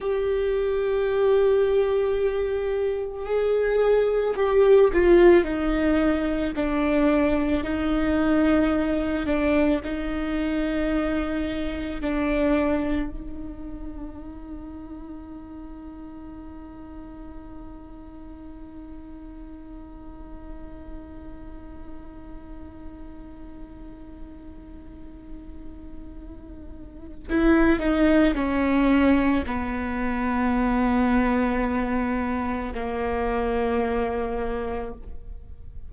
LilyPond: \new Staff \with { instrumentName = "viola" } { \time 4/4 \tempo 4 = 55 g'2. gis'4 | g'8 f'8 dis'4 d'4 dis'4~ | dis'8 d'8 dis'2 d'4 | dis'1~ |
dis'1~ | dis'1~ | dis'4 e'8 dis'8 cis'4 b4~ | b2 ais2 | }